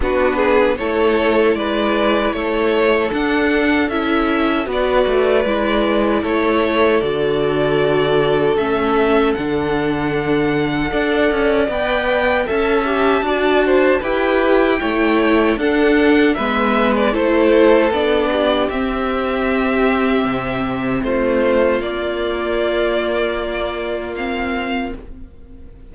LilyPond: <<
  \new Staff \with { instrumentName = "violin" } { \time 4/4 \tempo 4 = 77 b'4 cis''4 d''4 cis''4 | fis''4 e''4 d''2 | cis''4 d''2 e''4 | fis''2. g''4 |
a''2 g''2 | fis''4 e''8. d''16 c''4 d''4 | e''2. c''4 | d''2. f''4 | }
  \new Staff \with { instrumentName = "violin" } { \time 4/4 fis'8 gis'8 a'4 b'4 a'4~ | a'2 b'2 | a'1~ | a'2 d''2 |
e''4 d''8 c''8 b'4 cis''4 | a'4 b'4 a'4. g'8~ | g'2. f'4~ | f'1 | }
  \new Staff \with { instrumentName = "viola" } { \time 4/4 d'4 e'2. | d'4 e'4 fis'4 e'4~ | e'4 fis'2 cis'4 | d'2 a'4 b'4 |
a'8 g'8 fis'4 g'4 e'4 | d'4 b4 e'4 d'4 | c'1 | ais2. c'4 | }
  \new Staff \with { instrumentName = "cello" } { \time 4/4 b4 a4 gis4 a4 | d'4 cis'4 b8 a8 gis4 | a4 d2 a4 | d2 d'8 cis'8 b4 |
cis'4 d'4 e'4 a4 | d'4 gis4 a4 b4 | c'2 c4 a4 | ais1 | }
>>